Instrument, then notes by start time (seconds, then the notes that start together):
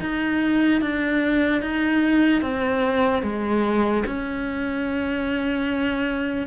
cello
0.00 D#4
0.81 D4
1.61 D#4
2.41 C4
3.22 G#3
4.06 C#4